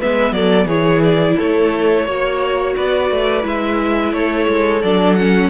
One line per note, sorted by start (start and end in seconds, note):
0.00 0.32 G#3
0.00 0.70 B3
0.00 0.34 B4
0.00 0.33 E5
0.32 0.65 F#3
0.32 0.68 A4
0.32 0.68 D5
0.65 1.34 E3
0.65 2.08 E4
0.65 1.36 G#4
0.65 1.02 C#5
1.03 1.38 D5
1.36 2.07 A3
1.36 2.05 A4
1.36 2.77 C#5
2.05 2.76 A#3
2.05 3.42 F#4
2.05 2.74 C#5
2.77 3.11 B3
2.77 4.14 B4
2.77 3.46 D5
3.11 3.44 A3
3.42 4.12 G#3
3.42 4.80 E4
3.42 4.13 E5
4.12 4.47 A3
4.12 5.50 A4
4.12 4.82 C#5
4.48 4.83 G#3
4.82 5.50 F#3
4.82 5.18 D4
4.82 5.16 D5
5.16 5.50 C#4
5.16 5.50 F#5